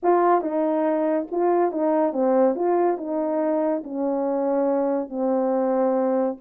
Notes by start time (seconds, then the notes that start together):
0.03 F4
0.41 D#4
1.31 F4
1.71 D#4
2.13 C4
2.55 F4
2.97 D#4
3.83 C#4
5.09 C4